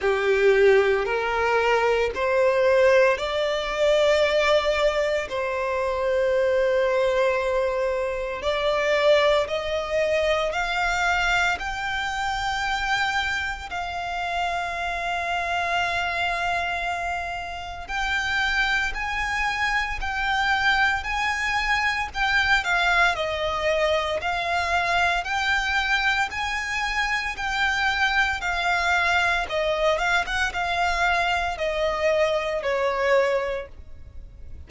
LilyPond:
\new Staff \with { instrumentName = "violin" } { \time 4/4 \tempo 4 = 57 g'4 ais'4 c''4 d''4~ | d''4 c''2. | d''4 dis''4 f''4 g''4~ | g''4 f''2.~ |
f''4 g''4 gis''4 g''4 | gis''4 g''8 f''8 dis''4 f''4 | g''4 gis''4 g''4 f''4 | dis''8 f''16 fis''16 f''4 dis''4 cis''4 | }